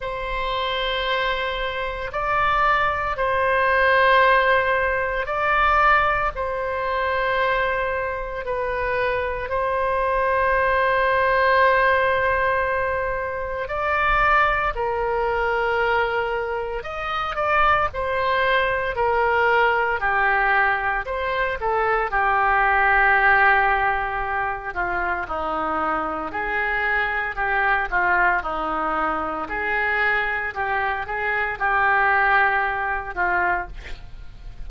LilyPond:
\new Staff \with { instrumentName = "oboe" } { \time 4/4 \tempo 4 = 57 c''2 d''4 c''4~ | c''4 d''4 c''2 | b'4 c''2.~ | c''4 d''4 ais'2 |
dis''8 d''8 c''4 ais'4 g'4 | c''8 a'8 g'2~ g'8 f'8 | dis'4 gis'4 g'8 f'8 dis'4 | gis'4 g'8 gis'8 g'4. f'8 | }